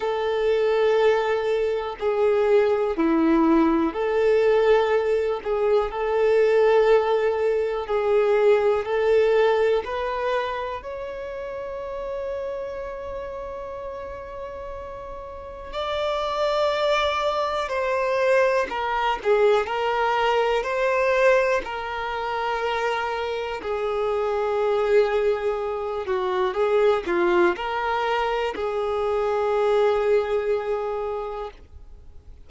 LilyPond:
\new Staff \with { instrumentName = "violin" } { \time 4/4 \tempo 4 = 61 a'2 gis'4 e'4 | a'4. gis'8 a'2 | gis'4 a'4 b'4 cis''4~ | cis''1 |
d''2 c''4 ais'8 gis'8 | ais'4 c''4 ais'2 | gis'2~ gis'8 fis'8 gis'8 f'8 | ais'4 gis'2. | }